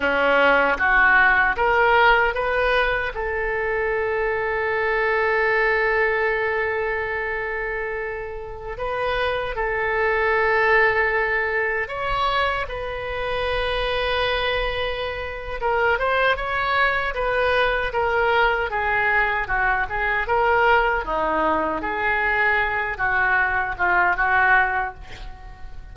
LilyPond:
\new Staff \with { instrumentName = "oboe" } { \time 4/4 \tempo 4 = 77 cis'4 fis'4 ais'4 b'4 | a'1~ | a'2.~ a'16 b'8.~ | b'16 a'2. cis''8.~ |
cis''16 b'2.~ b'8. | ais'8 c''8 cis''4 b'4 ais'4 | gis'4 fis'8 gis'8 ais'4 dis'4 | gis'4. fis'4 f'8 fis'4 | }